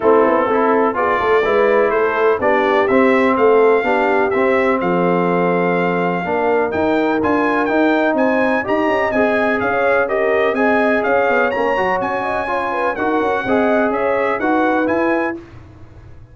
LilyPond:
<<
  \new Staff \with { instrumentName = "trumpet" } { \time 4/4 \tempo 4 = 125 a'2 d''2 | c''4 d''4 e''4 f''4~ | f''4 e''4 f''2~ | f''2 g''4 gis''4 |
g''4 gis''4 ais''4 gis''4 | f''4 dis''4 gis''4 f''4 | ais''4 gis''2 fis''4~ | fis''4 e''4 fis''4 gis''4 | }
  \new Staff \with { instrumentName = "horn" } { \time 4/4 e'4 a'4 gis'8 a'8 b'4 | a'4 g'2 a'4 | g'2 a'2~ | a'4 ais'2.~ |
ais'4 c''4 dis''2 | cis''4 ais'4 dis''4 cis''4~ | cis''4. dis''8 cis''8 b'8 ais'4 | dis''4 cis''4 b'2 | }
  \new Staff \with { instrumentName = "trombone" } { \time 4/4 c'4 e'4 f'4 e'4~ | e'4 d'4 c'2 | d'4 c'2.~ | c'4 d'4 dis'4 f'4 |
dis'2 g'4 gis'4~ | gis'4 g'4 gis'2 | cis'8 fis'4. f'4 fis'4 | gis'2 fis'4 e'4 | }
  \new Staff \with { instrumentName = "tuba" } { \time 4/4 a8 b8 c'4 b8 a8 gis4 | a4 b4 c'4 a4 | b4 c'4 f2~ | f4 ais4 dis'4 d'4 |
dis'4 c'4 dis'8 cis'8 c'4 | cis'2 c'4 cis'8 b8 | ais8 fis8 cis'2 dis'8 cis'8 | c'4 cis'4 dis'4 e'4 | }
>>